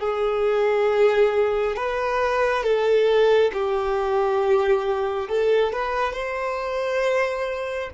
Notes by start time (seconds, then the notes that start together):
0.00 G#4
1.76 B4
2.64 A4
3.53 G4
5.29 A4
5.73 B4
6.13 C5